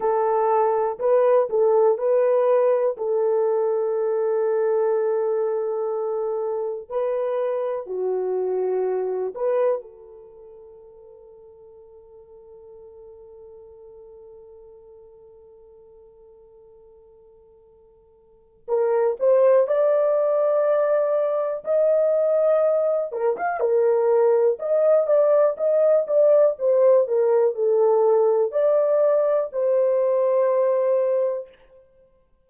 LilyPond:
\new Staff \with { instrumentName = "horn" } { \time 4/4 \tempo 4 = 61 a'4 b'8 a'8 b'4 a'4~ | a'2. b'4 | fis'4. b'8 a'2~ | a'1~ |
a'2. ais'8 c''8 | d''2 dis''4. ais'16 f''16 | ais'4 dis''8 d''8 dis''8 d''8 c''8 ais'8 | a'4 d''4 c''2 | }